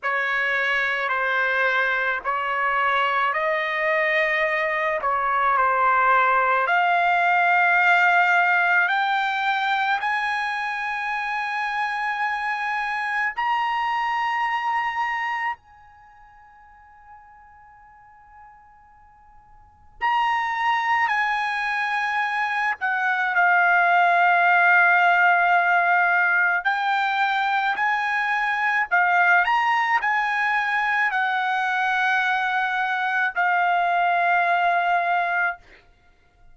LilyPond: \new Staff \with { instrumentName = "trumpet" } { \time 4/4 \tempo 4 = 54 cis''4 c''4 cis''4 dis''4~ | dis''8 cis''8 c''4 f''2 | g''4 gis''2. | ais''2 gis''2~ |
gis''2 ais''4 gis''4~ | gis''8 fis''8 f''2. | g''4 gis''4 f''8 ais''8 gis''4 | fis''2 f''2 | }